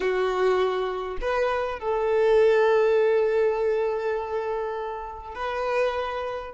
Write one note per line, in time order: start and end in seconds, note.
0.00 1.17 F#4
1.21 1.79 B4
1.79 5.35 A4
5.35 6.53 B4